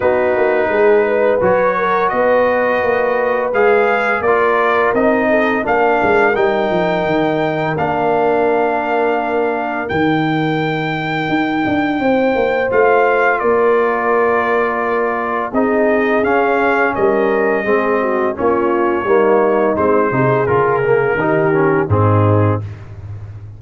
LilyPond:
<<
  \new Staff \with { instrumentName = "trumpet" } { \time 4/4 \tempo 4 = 85 b'2 cis''4 dis''4~ | dis''4 f''4 d''4 dis''4 | f''4 g''2 f''4~ | f''2 g''2~ |
g''2 f''4 d''4~ | d''2 dis''4 f''4 | dis''2 cis''2 | c''4 ais'2 gis'4 | }
  \new Staff \with { instrumentName = "horn" } { \time 4/4 fis'4 gis'8 b'4 ais'8 b'4~ | b'2 ais'4. a'8 | ais'1~ | ais'1~ |
ais'4 c''2 ais'4~ | ais'2 gis'2 | ais'4 gis'8 fis'8 f'4 dis'4~ | dis'8 gis'4. g'4 dis'4 | }
  \new Staff \with { instrumentName = "trombone" } { \time 4/4 dis'2 fis'2~ | fis'4 gis'4 f'4 dis'4 | d'4 dis'2 d'4~ | d'2 dis'2~ |
dis'2 f'2~ | f'2 dis'4 cis'4~ | cis'4 c'4 cis'4 ais4 | c'8 dis'8 f'8 ais8 dis'8 cis'8 c'4 | }
  \new Staff \with { instrumentName = "tuba" } { \time 4/4 b8 ais8 gis4 fis4 b4 | ais4 gis4 ais4 c'4 | ais8 gis8 g8 f8 dis4 ais4~ | ais2 dis2 |
dis'8 d'8 c'8 ais8 a4 ais4~ | ais2 c'4 cis'4 | g4 gis4 ais4 g4 | gis8 c8 cis4 dis4 gis,4 | }
>>